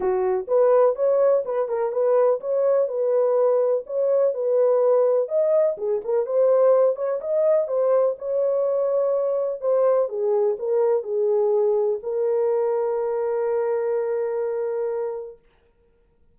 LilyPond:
\new Staff \with { instrumentName = "horn" } { \time 4/4 \tempo 4 = 125 fis'4 b'4 cis''4 b'8 ais'8 | b'4 cis''4 b'2 | cis''4 b'2 dis''4 | gis'8 ais'8 c''4. cis''8 dis''4 |
c''4 cis''2. | c''4 gis'4 ais'4 gis'4~ | gis'4 ais'2.~ | ais'1 | }